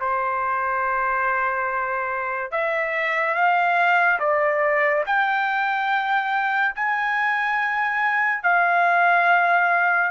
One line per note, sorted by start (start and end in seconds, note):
0.00 2.51 C5
2.51 3.34 E5
3.34 4.19 F5
4.19 5.04 D5
5.06 6.75 G5
6.75 8.43 G#5
8.43 10.11 F5